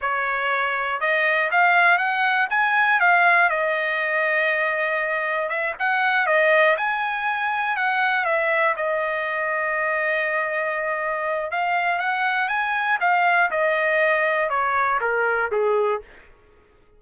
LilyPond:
\new Staff \with { instrumentName = "trumpet" } { \time 4/4 \tempo 4 = 120 cis''2 dis''4 f''4 | fis''4 gis''4 f''4 dis''4~ | dis''2. e''8 fis''8~ | fis''8 dis''4 gis''2 fis''8~ |
fis''8 e''4 dis''2~ dis''8~ | dis''2. f''4 | fis''4 gis''4 f''4 dis''4~ | dis''4 cis''4 ais'4 gis'4 | }